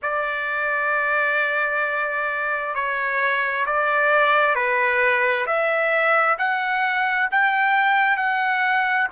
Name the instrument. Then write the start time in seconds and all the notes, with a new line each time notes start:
trumpet
0.02 D5
2.74 C#5
3.66 D5
4.55 B4
5.46 E5
6.38 F#5
7.31 G5
8.17 F#5